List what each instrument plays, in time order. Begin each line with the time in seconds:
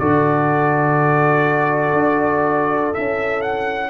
0.00 tuba D3, trombone F#4, horn A4, trumpet D5
1.94 tuba D4
2.93 tuba C#4, trombone E4, trumpet E5
3.42 trumpet F#5